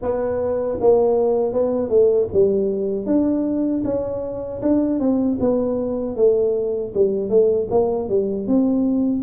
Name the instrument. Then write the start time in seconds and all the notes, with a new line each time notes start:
tuba
0.01 B3
0.80 A#3
1.52 B3
1.88 A3
2.33 G3
3.06 D4
3.84 C#4
4.62 D4
4.99 C4
5.40 B3
6.15 A3
6.94 G3
7.29 A3
7.70 A#3
8.08 G3
8.47 C4